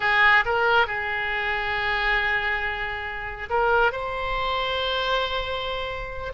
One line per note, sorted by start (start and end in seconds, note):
0.00 0.44 G#4
0.45 0.86 A#4
0.86 3.49 G#4
3.49 3.91 A#4
3.91 6.32 C5